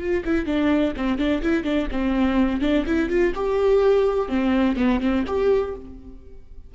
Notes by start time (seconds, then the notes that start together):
0.00 F4
0.25 E4
0.46 D4
0.97 C4
1.18 D4
1.43 E4
1.64 D4
1.92 C4
2.61 D4
2.86 E4
3.10 F4
3.35 G4
4.29 C4
4.76 B3
5.00 C4
5.27 G4